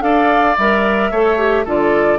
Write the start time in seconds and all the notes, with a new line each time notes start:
0.00 D4 A4 D5 F5
0.57 G3 A#4 E5
1.11 A3 A4 C#5
1.38 G4
1.64 D3 F4 A4 D5